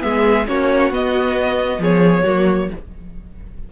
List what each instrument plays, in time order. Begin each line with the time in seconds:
0.00 cello G#3, viola B3, violin G#4 E5
0.47 cello A#3, viola C#4, violin F#4 C#5
0.91 cello B3, viola B3, violin D#5
1.79 cello F3, violin G#4 C#5
2.24 cello F#3, viola A#3, violin F#4